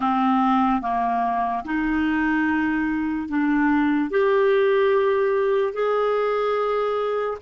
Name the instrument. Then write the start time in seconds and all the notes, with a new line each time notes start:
clarinet
0.00 C4
0.81 A#3
1.64 D#4
3.28 D4
4.10 G4
5.73 G#4